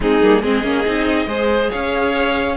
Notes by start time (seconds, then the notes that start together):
0.00 G#3 C4 D#4 G#4
0.22 G3 A#3
0.41 G#3 C4 G#4 D#5
0.63 A#3 C#4
0.85 C4 D#4
1.26 G#3 G#4 C5
1.70 C#4 C#5 F5